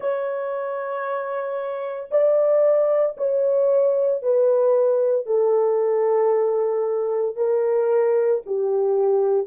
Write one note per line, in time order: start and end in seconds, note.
0.00 2.09 C#5
2.11 3.16 D5
3.17 4.22 C#5
4.22 5.25 B4
5.25 7.36 A4
7.36 8.41 A#4
8.45 9.46 G4